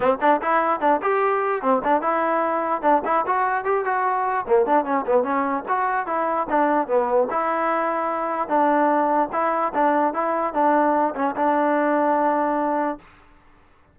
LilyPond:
\new Staff \with { instrumentName = "trombone" } { \time 4/4 \tempo 4 = 148 c'8 d'8 e'4 d'8 g'4. | c'8 d'8 e'2 d'8 e'8 | fis'4 g'8 fis'4. ais8 d'8 | cis'8 b8 cis'4 fis'4 e'4 |
d'4 b4 e'2~ | e'4 d'2 e'4 | d'4 e'4 d'4. cis'8 | d'1 | }